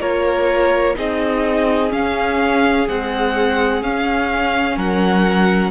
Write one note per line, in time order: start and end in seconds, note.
0.00 0.97 A#3
0.00 0.95 F4
0.00 0.96 A#4
0.00 0.96 C#5
0.95 1.92 C4
0.95 1.90 D#4
0.95 4.76 G#4
0.95 1.92 D#5
1.90 2.85 C#4
1.90 2.88 C#4
1.90 2.87 F5
2.88 3.83 G#3
2.88 3.82 C4
2.88 3.83 F#5
3.82 4.77 C#4
3.82 5.71 C#4
3.82 4.78 F5
4.76 5.71 F#3
4.76 5.71 A#4
4.76 5.71 F#5